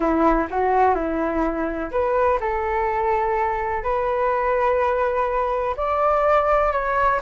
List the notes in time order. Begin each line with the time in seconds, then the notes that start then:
0.00 E4
0.50 F#4
0.94 E4
1.91 B4
2.40 A4
3.83 B4
5.76 D5
6.72 C#5